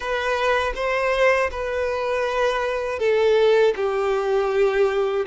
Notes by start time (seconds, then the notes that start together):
0.00 B4
0.75 C5
1.51 B4
2.99 A4
3.75 G4